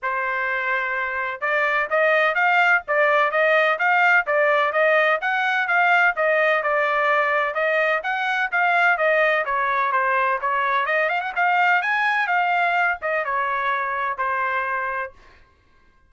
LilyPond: \new Staff \with { instrumentName = "trumpet" } { \time 4/4 \tempo 4 = 127 c''2. d''4 | dis''4 f''4 d''4 dis''4 | f''4 d''4 dis''4 fis''4 | f''4 dis''4 d''2 |
dis''4 fis''4 f''4 dis''4 | cis''4 c''4 cis''4 dis''8 f''16 fis''16 | f''4 gis''4 f''4. dis''8 | cis''2 c''2 | }